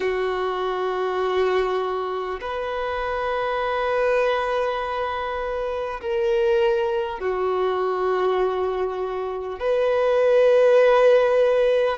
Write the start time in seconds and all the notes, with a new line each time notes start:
0.00 F#4
2.40 B4
6.01 A#4
7.19 F#4
9.59 B4